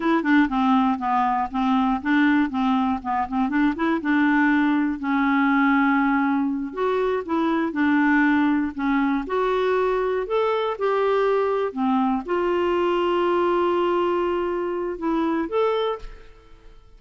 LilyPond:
\new Staff \with { instrumentName = "clarinet" } { \time 4/4 \tempo 4 = 120 e'8 d'8 c'4 b4 c'4 | d'4 c'4 b8 c'8 d'8 e'8 | d'2 cis'2~ | cis'4. fis'4 e'4 d'8~ |
d'4. cis'4 fis'4.~ | fis'8 a'4 g'2 c'8~ | c'8 f'2.~ f'8~ | f'2 e'4 a'4 | }